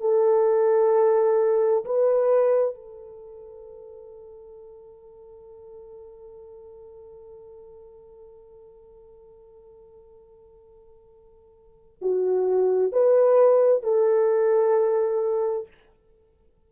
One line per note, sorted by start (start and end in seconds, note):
0.00 1.85 A4
1.85 2.74 B4
2.74 11.97 A4
12.01 12.92 F#4
12.92 13.83 B4
13.83 15.68 A4